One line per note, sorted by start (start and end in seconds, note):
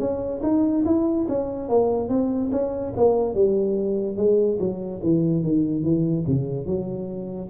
0.00 0.42 C#4
0.43 0.85 D#4
0.86 1.27 E4
1.29 1.69 C#4
1.69 2.09 A#3
2.09 2.51 C4
2.52 2.94 C#4
2.97 3.35 A#3
3.35 4.17 G3
4.17 4.59 G#3
4.60 5.02 F#3
5.03 5.43 E3
5.43 5.84 D#3
5.84 6.25 E3
6.27 6.67 C#3
6.67 7.50 F#3